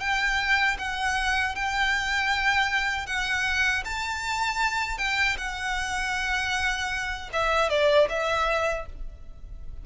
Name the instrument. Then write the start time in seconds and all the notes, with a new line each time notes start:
violin
0.00 G5
0.78 F#5
1.55 G5
3.07 F#5
3.85 A5
4.98 G5
5.38 F#5
7.33 E5
7.70 D5
8.09 E5